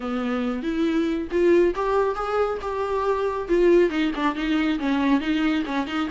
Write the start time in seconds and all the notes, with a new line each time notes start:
0.00 B3
0.62 E4
1.31 F4
1.75 G4
2.15 G#4
2.61 G4
3.48 F4
3.90 D#4
4.15 D4
4.35 D#4
4.79 C#4
5.20 D#4
5.65 C#4
5.86 D#4